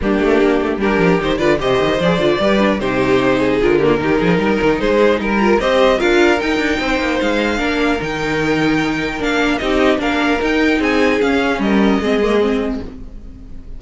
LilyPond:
<<
  \new Staff \with { instrumentName = "violin" } { \time 4/4 \tempo 4 = 150 g'2 ais'4 c''8 d''8 | dis''4 d''2 c''4~ | c''4 ais'2. | c''4 ais'4 dis''4 f''4 |
g''2 f''2 | g''2. f''4 | dis''4 f''4 g''4 gis''4 | f''4 dis''2. | }
  \new Staff \with { instrumentName = "violin" } { \time 4/4 d'2 g'4. b'8 | c''2 b'4 g'4~ | g'8 gis'4 g'16 f'16 g'8 gis'8 ais'4 | gis'4 ais'4 c''4 ais'4~ |
ais'4 c''2 ais'4~ | ais'1 | g'4 ais'2 gis'4~ | gis'4 ais'4 gis'2 | }
  \new Staff \with { instrumentName = "viola" } { \time 4/4 ais2 d'4 dis'8 f'8 | g'4 gis'8 f'8 g'8 d'8 dis'4~ | dis'4 f'8 ais8 dis'2~ | dis'4. f'8 g'4 f'4 |
dis'2. d'4 | dis'2. d'4 | dis'4 d'4 dis'2 | cis'2 c'8 ais8 c'4 | }
  \new Staff \with { instrumentName = "cello" } { \time 4/4 g8 a8 ais8 a8 g8 f8 dis8 d8 | c8 dis8 f8 d8 g4 c4~ | c4 d4 dis8 f8 g8 dis8 | gis4 g4 c'4 d'4 |
dis'8 d'8 c'8 ais8 gis4 ais4 | dis2. ais4 | c'4 ais4 dis'4 c'4 | cis'4 g4 gis2 | }
>>